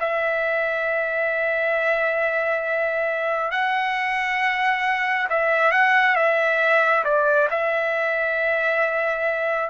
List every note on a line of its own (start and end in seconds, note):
0.00 3.51 E5
3.51 5.28 F#5
5.30 5.72 E5
5.72 6.16 F#5
6.16 7.04 E5
7.04 7.48 D5
7.51 9.70 E5